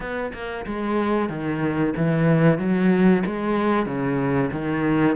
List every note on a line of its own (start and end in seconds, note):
0.00 0.32 B3
0.33 0.65 A#3
0.66 1.29 G#3
1.29 1.94 D#3
1.96 2.58 E3
2.58 3.23 F#3
3.26 3.85 G#3
3.85 4.50 C#3
4.52 5.16 D#3